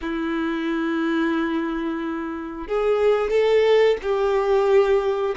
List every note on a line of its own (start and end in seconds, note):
0.01 2.67 E4
2.67 3.30 G#4
3.30 3.97 A4
4.02 5.35 G4